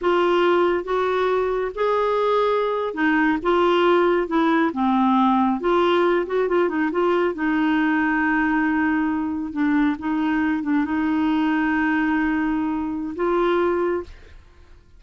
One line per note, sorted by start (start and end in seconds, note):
0.01 0.84 F4
0.84 1.71 F#4
1.74 2.94 G#4
2.94 3.37 D#4
3.42 4.27 F4
4.27 4.71 E4
4.72 5.60 C4
5.60 6.26 F4
6.26 6.48 F#4
6.48 6.68 F4
6.68 6.90 D#4
6.91 7.34 F4
7.34 9.52 D#4
9.52 9.96 D4
9.98 10.62 D#4
10.62 10.84 D4
10.84 13.14 D#4
13.15 14.03 F4